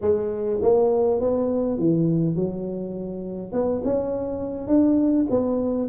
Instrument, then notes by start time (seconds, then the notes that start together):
tuba
0.01 G#3
0.61 A#3
1.20 B3
1.78 E3
2.35 F#3
3.52 B3
3.84 C#4
4.67 D4
5.29 B3